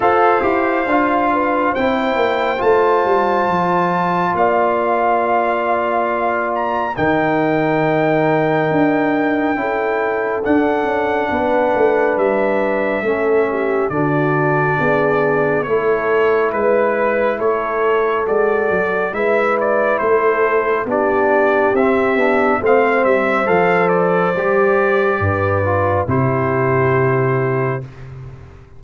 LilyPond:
<<
  \new Staff \with { instrumentName = "trumpet" } { \time 4/4 \tempo 4 = 69 f''2 g''4 a''4~ | a''4 f''2~ f''8 ais''8 | g''1 | fis''2 e''2 |
d''2 cis''4 b'4 | cis''4 d''4 e''8 d''8 c''4 | d''4 e''4 f''8 e''8 f''8 d''8~ | d''2 c''2 | }
  \new Staff \with { instrumentName = "horn" } { \time 4/4 c''4. b'8 c''2~ | c''4 d''2. | ais'2. a'4~ | a'4 b'2 a'8 g'8 |
fis'4 gis'4 a'4 b'4 | a'2 b'4 a'4 | g'2 c''2~ | c''4 b'4 g'2 | }
  \new Staff \with { instrumentName = "trombone" } { \time 4/4 a'8 g'8 f'4 e'4 f'4~ | f'1 | dis'2. e'4 | d'2. cis'4 |
d'2 e'2~ | e'4 fis'4 e'2 | d'4 c'8 d'8 c'4 a'4 | g'4. f'8 e'2 | }
  \new Staff \with { instrumentName = "tuba" } { \time 4/4 f'8 e'8 d'4 c'8 ais8 a8 g8 | f4 ais2. | dis2 d'4 cis'4 | d'8 cis'8 b8 a8 g4 a4 |
d4 b4 a4 gis4 | a4 gis8 fis8 gis4 a4 | b4 c'8 b8 a8 g8 f4 | g4 g,4 c2 | }
>>